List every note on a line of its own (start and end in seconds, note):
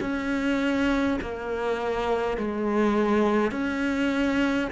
0.00 1.18 C#4
1.21 2.37 A#3
2.37 3.51 G#3
3.51 4.68 C#4